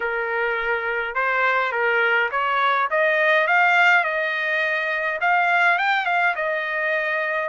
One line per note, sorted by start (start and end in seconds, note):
0.00 1.15 A#4
1.15 1.72 C5
1.72 2.29 A#4
2.31 2.88 C#5
2.90 3.47 D#5
3.47 4.04 F5
4.04 5.19 D#5
5.20 5.78 F5
5.78 6.05 G5
6.05 6.34 F5
6.35 7.49 D#5